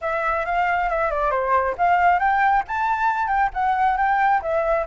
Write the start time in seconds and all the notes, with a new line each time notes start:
0.01 E5
0.45 F5
0.89 E5
1.10 D5
1.31 C5
1.77 F5
2.19 G5
2.67 A5
3.27 G5
3.53 F#5
3.97 G5
4.42 E5